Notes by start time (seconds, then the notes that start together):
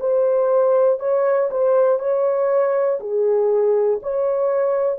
0.00 C5
1.00 C#5
1.50 C5
1.99 C#5
3.00 G#4
4.02 C#5